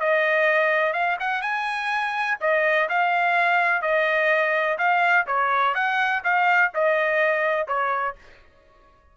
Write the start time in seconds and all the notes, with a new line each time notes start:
0.00 D#5
0.93 F5
1.20 F#5
1.42 G#5
2.41 D#5
2.89 F5
3.82 D#5
4.78 F5
5.27 C#5
5.75 F#5
6.24 F5
6.74 D#5
7.67 C#5